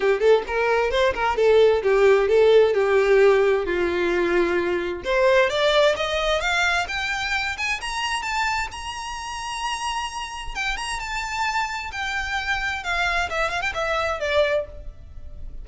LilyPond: \new Staff \with { instrumentName = "violin" } { \time 4/4 \tempo 4 = 131 g'8 a'8 ais'4 c''8 ais'8 a'4 | g'4 a'4 g'2 | f'2. c''4 | d''4 dis''4 f''4 g''4~ |
g''8 gis''8 ais''4 a''4 ais''4~ | ais''2. g''8 ais''8 | a''2 g''2 | f''4 e''8 f''16 g''16 e''4 d''4 | }